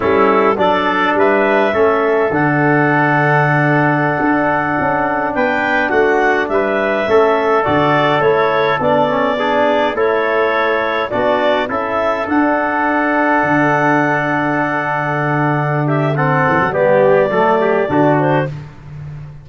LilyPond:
<<
  \new Staff \with { instrumentName = "clarinet" } { \time 4/4 \tempo 4 = 104 a'4 d''4 e''2 | fis''1~ | fis''4~ fis''16 g''4 fis''4 e''8.~ | e''4~ e''16 d''4 cis''4 d''8.~ |
d''4~ d''16 cis''2 d''8.~ | d''16 e''4 fis''2~ fis''8.~ | fis''2.~ fis''8 e''8 | fis''4 d''2~ d''8 c''8 | }
  \new Staff \with { instrumentName = "trumpet" } { \time 4/4 e'4 a'4 b'4 a'4~ | a'1~ | a'4~ a'16 b'4 fis'4 b'8.~ | b'16 a'2.~ a'8.~ |
a'16 gis'4 a'2 fis'8.~ | fis'16 a'2.~ a'8.~ | a'2.~ a'8 g'8 | a'4 g'4 a'8 g'8 fis'4 | }
  \new Staff \with { instrumentName = "trombone" } { \time 4/4 cis'4 d'2 cis'4 | d'1~ | d'1~ | d'16 cis'4 fis'4 e'4 d'8 cis'16~ |
cis'16 d'4 e'2 d'8.~ | d'16 e'4 d'2~ d'8.~ | d'1 | c'4 b4 a4 d'4 | }
  \new Staff \with { instrumentName = "tuba" } { \time 4/4 g4 fis4 g4 a4 | d2.~ d16 d'8.~ | d'16 cis'4 b4 a4 g8.~ | g16 a4 d4 a4 b8.~ |
b4~ b16 a2 b8.~ | b16 cis'4 d'2 d8.~ | d1~ | d8 e16 fis16 g4 fis4 d4 | }
>>